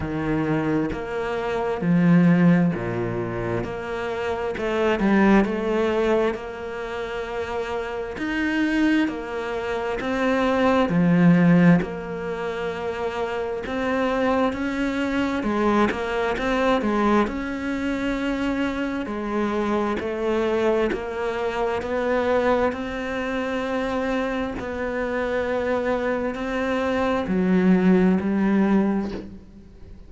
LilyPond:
\new Staff \with { instrumentName = "cello" } { \time 4/4 \tempo 4 = 66 dis4 ais4 f4 ais,4 | ais4 a8 g8 a4 ais4~ | ais4 dis'4 ais4 c'4 | f4 ais2 c'4 |
cis'4 gis8 ais8 c'8 gis8 cis'4~ | cis'4 gis4 a4 ais4 | b4 c'2 b4~ | b4 c'4 fis4 g4 | }